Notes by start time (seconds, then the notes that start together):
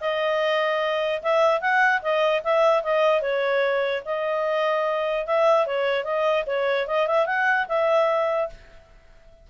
0.00 D#5
1.22 E5
1.61 F#5
2.02 D#5
2.43 E5
2.83 D#5
3.21 C#5
4.05 D#5
5.26 E5
5.66 C#5
6.04 D#5
6.46 C#5
6.87 D#5
7.07 E5
7.26 F#5
7.68 E5